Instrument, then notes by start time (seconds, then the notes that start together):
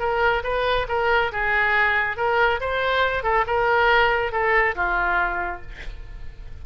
oboe
0.00 A#4
0.44 B4
0.89 A#4
1.32 G#4
2.17 A#4
2.61 C5
3.23 A4
3.47 A#4
4.32 A4
4.76 F4